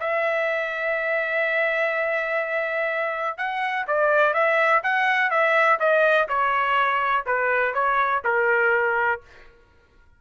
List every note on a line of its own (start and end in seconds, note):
0.00 3.38 E5
3.38 3.86 F#5
3.87 4.34 D5
4.34 4.82 E5
4.83 5.31 F#5
5.31 5.79 E5
5.80 6.28 D#5
6.29 7.25 C#5
7.26 7.74 B4
7.74 8.23 C#5
8.24 9.21 A#4